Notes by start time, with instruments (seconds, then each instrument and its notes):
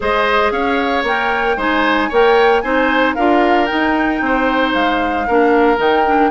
0.00 bassoon G#3, clarinet G#4, oboe C5, flute D#5
0.51 bassoon C#4, oboe C#5, flute F5
1.03 bassoon A#3, clarinet A#4, flute G5
1.56 bassoon G#3, clarinet D#4, oboe C5, flute G#5
2.08 bassoon A#3, clarinet A#4, oboe C#5, flute G5
2.61 bassoon C4, clarinet D#4, oboe C5, flute G#5
3.14 bassoon D4, clarinet F4, oboe A#4, flute F5
3.66 clarinet D#4, flute G5
3.72 bassoon D#4
4.21 bassoon C4, oboe C5
4.73 bassoon G#3, flute F5
5.27 bassoon A#3, clarinet D4, oboe A#4
5.77 bassoon D#3, clarinet D#4, flute G5
6.06 clarinet D4